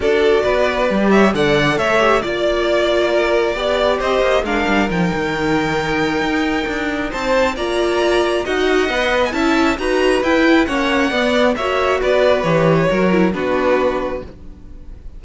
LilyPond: <<
  \new Staff \with { instrumentName = "violin" } { \time 4/4 \tempo 4 = 135 d''2~ d''8 e''8 fis''4 | e''4 d''2.~ | d''4 dis''4 f''4 g''4~ | g''1 |
a''4 ais''2 fis''4~ | fis''8. gis''16 a''4 ais''4 g''4 | fis''2 e''4 d''4 | cis''2 b'2 | }
  \new Staff \with { instrumentName = "violin" } { \time 4/4 a'4 b'4. cis''8 d''4 | cis''4 d''2 ais'4 | d''4 c''4 ais'2~ | ais'1 |
c''4 d''2 dis''4~ | dis''4 e''4 b'2 | cis''4 d''4 cis''4 b'4~ | b'4 ais'4 fis'2 | }
  \new Staff \with { instrumentName = "viola" } { \time 4/4 fis'2 g'4 a'4~ | a'8 g'8 f'2. | g'2 d'4 dis'4~ | dis'1~ |
dis'4 f'2 fis'4 | b'4 e'4 fis'4 e'4 | cis'4 b4 fis'2 | g'4 fis'8 e'8 d'2 | }
  \new Staff \with { instrumentName = "cello" } { \time 4/4 d'4 b4 g4 d4 | a4 ais2. | b4 c'8 ais8 gis8 g8 f8 dis8~ | dis2 dis'4 d'4 |
c'4 ais2 dis'4 | b4 cis'4 dis'4 e'4 | ais4 b4 ais4 b4 | e4 fis4 b2 | }
>>